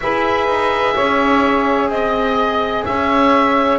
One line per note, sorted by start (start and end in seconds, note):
0.00 0.47 E4
0.00 3.79 G#4
0.00 0.94 B4
0.00 1.89 E5
0.47 0.94 D#4
0.94 1.88 C#4
0.94 1.89 C#5
1.88 2.84 C4
1.88 2.85 D#5
2.85 3.79 C#4
2.85 3.79 C#5
2.85 3.79 E5